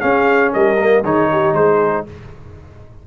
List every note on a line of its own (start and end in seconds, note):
0.00 0.76 C#4
0.00 0.54 C#4
0.00 0.52 G#4
0.00 0.51 F5
0.52 1.03 G3
0.52 1.03 A#4
0.52 1.04 D#5
0.78 1.03 A#3
1.03 1.53 D#3
1.03 2.06 D#4
1.03 1.29 G#4
1.03 1.54 C#5
1.31 1.56 G4
1.53 2.04 G#3
1.53 2.07 G#4
1.53 2.05 C5